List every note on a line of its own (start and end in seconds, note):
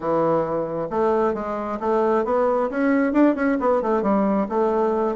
0.00 0.88 E3
0.90 1.34 A3
1.34 1.78 G#3
1.80 2.24 A3
2.24 2.69 B3
2.69 3.12 C#4
3.12 3.35 D4
3.35 3.57 C#4
3.60 3.81 B3
3.81 4.02 A3
4.02 4.47 G3
4.49 5.16 A3